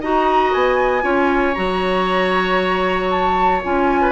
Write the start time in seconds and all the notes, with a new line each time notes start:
0.00 D#4 F#4 D#5 A#5
0.53 B3 G#5
1.01 C#4 F4 C#5
1.54 F#3 F#4 A#5
3.09 A5
3.62 C#4 F4 G#5
4.01 B4